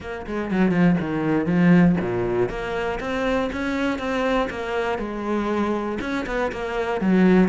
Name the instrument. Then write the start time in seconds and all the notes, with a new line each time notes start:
cello
0.00 A#3
0.26 G#3
0.51 F#3
0.71 F3
1.00 D#3
1.45 F3
2.00 A#2
2.49 A#3
3.00 C4
3.52 C#4
3.98 C4
4.50 A#3
4.98 G#3
6.00 C#4
6.26 B3
6.52 A#3
7.00 F#3